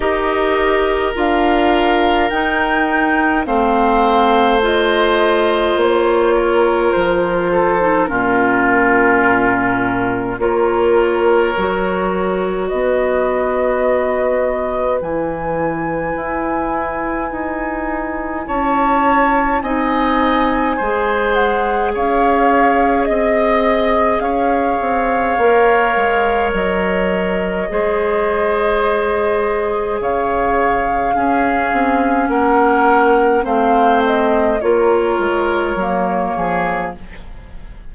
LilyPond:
<<
  \new Staff \with { instrumentName = "flute" } { \time 4/4 \tempo 4 = 52 dis''4 f''4 g''4 f''4 | dis''4 cis''4 c''4 ais'4~ | ais'4 cis''2 dis''4~ | dis''4 gis''2. |
a''4 gis''4. fis''8 f''4 | dis''4 f''2 dis''4~ | dis''2 f''2 | fis''4 f''8 dis''8 cis''2 | }
  \new Staff \with { instrumentName = "oboe" } { \time 4/4 ais'2. c''4~ | c''4. ais'4 a'8 f'4~ | f'4 ais'2 b'4~ | b'1 |
cis''4 dis''4 c''4 cis''4 | dis''4 cis''2. | c''2 cis''4 gis'4 | ais'4 c''4 ais'4. gis'8 | }
  \new Staff \with { instrumentName = "clarinet" } { \time 4/4 g'4 f'4 dis'4 c'4 | f'2~ f'8. dis'16 cis'4~ | cis'4 f'4 fis'2~ | fis'4 e'2.~ |
e'4 dis'4 gis'2~ | gis'2 ais'2 | gis'2. cis'4~ | cis'4 c'4 f'4 ais4 | }
  \new Staff \with { instrumentName = "bassoon" } { \time 4/4 dis'4 d'4 dis'4 a4~ | a4 ais4 f4 ais,4~ | ais,4 ais4 fis4 b4~ | b4 e4 e'4 dis'4 |
cis'4 c'4 gis4 cis'4 | c'4 cis'8 c'8 ais8 gis8 fis4 | gis2 cis4 cis'8 c'8 | ais4 a4 ais8 gis8 fis8 f8 | }
>>